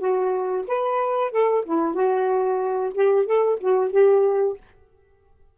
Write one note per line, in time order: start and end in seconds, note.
0.00 0.65 F#4
0.68 1.32 B4
1.32 1.64 A4
1.65 1.95 E4
1.95 2.93 F#4
2.95 3.26 G4
3.26 3.59 A4
3.60 3.92 F#4
3.92 4.57 G4